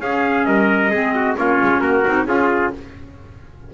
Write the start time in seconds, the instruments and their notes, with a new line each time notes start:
0.00 double bass C#4, clarinet C#4, trumpet G#4 F5
0.45 double bass G3, trumpet A#4 D#5
0.90 double bass G#3, clarinet C4, trumpet G#4
1.15 trumpet F#4
1.36 double bass A#3, clarinet C#4, trumpet F4 C#5
1.62 double bass G#3
1.80 double bass A#3, trumpet F#4 A#4
2.05 double bass C4, clarinet D#4
2.26 double bass C#4, clarinet F4, trumpet F4 G#4